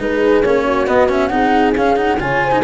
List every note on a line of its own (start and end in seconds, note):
0.00 0.44 G#3
0.00 0.44 D#4
0.00 0.65 G#4
0.00 0.44 B4
0.44 0.89 A#3
0.44 0.88 C#4
0.44 0.88 C#5
0.65 1.31 F#4
0.88 1.09 B3
0.88 1.33 B3
0.88 1.10 D#5
1.09 1.30 C#4
1.09 1.27 E5
1.27 1.77 C4
1.27 1.74 D#4
1.27 2.20 G#4
1.27 1.72 F#5
1.77 2.21 C#4
1.77 1.97 C#4
1.77 1.97 F5
1.97 2.19 D#4
1.97 2.19 F#5
2.20 2.65 C#3
2.20 2.52 F4
2.20 2.44 C#5
2.20 2.65 G#5
2.44 2.65 C5
2.52 2.63 D#4